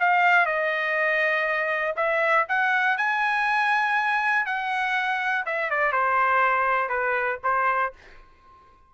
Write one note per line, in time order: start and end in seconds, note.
0.00 0.46 F5
0.46 1.95 D#5
1.97 2.46 E5
2.49 2.98 F#5
2.98 4.46 G#5
4.46 5.45 F#5
5.46 5.71 E5
5.71 5.92 D5
5.92 6.89 C5
6.89 7.39 B4
7.44 7.93 C5